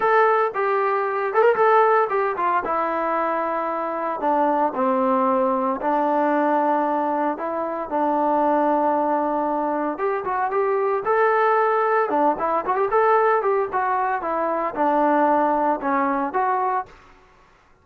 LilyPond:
\new Staff \with { instrumentName = "trombone" } { \time 4/4 \tempo 4 = 114 a'4 g'4. a'16 ais'16 a'4 | g'8 f'8 e'2. | d'4 c'2 d'4~ | d'2 e'4 d'4~ |
d'2. g'8 fis'8 | g'4 a'2 d'8 e'8 | fis'16 g'16 a'4 g'8 fis'4 e'4 | d'2 cis'4 fis'4 | }